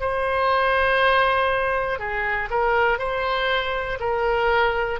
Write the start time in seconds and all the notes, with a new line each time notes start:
0.00 C5
1.99 G#4
2.50 A#4
2.99 C5
4.00 A#4